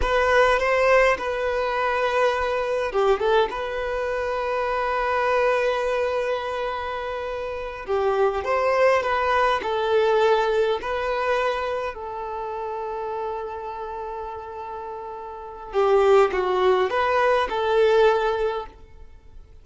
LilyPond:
\new Staff \with { instrumentName = "violin" } { \time 4/4 \tempo 4 = 103 b'4 c''4 b'2~ | b'4 g'8 a'8 b'2~ | b'1~ | b'4. g'4 c''4 b'8~ |
b'8 a'2 b'4.~ | b'8 a'2.~ a'8~ | a'2. g'4 | fis'4 b'4 a'2 | }